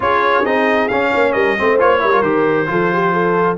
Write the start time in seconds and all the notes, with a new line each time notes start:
0.00 C#4 F4 G#4 C#5
0.45 C4 D#4 D#5
0.88 C#4 F5
1.11 A#3 C#5
1.32 G3 A#4 D#5
1.57 A3 C4 C5
1.79 A#3 F4 C#5
1.99 G3 E4 A#4
2.11 F4
2.21 D#3 G4 C5
2.67 F3 F4 A4
2.93 G4
3.13 A4